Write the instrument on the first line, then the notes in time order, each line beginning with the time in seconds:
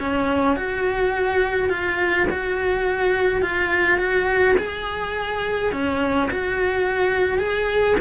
cello
0.00 C#4
0.56 F#4
1.70 F4
2.30 F#4
3.42 F4
3.98 F#4
4.58 G#4
5.72 C#4
6.31 F#4
7.39 G#4